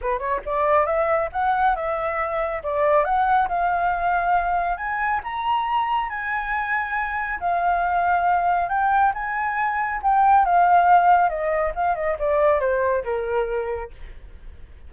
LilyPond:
\new Staff \with { instrumentName = "flute" } { \time 4/4 \tempo 4 = 138 b'8 cis''8 d''4 e''4 fis''4 | e''2 d''4 fis''4 | f''2. gis''4 | ais''2 gis''2~ |
gis''4 f''2. | g''4 gis''2 g''4 | f''2 dis''4 f''8 dis''8 | d''4 c''4 ais'2 | }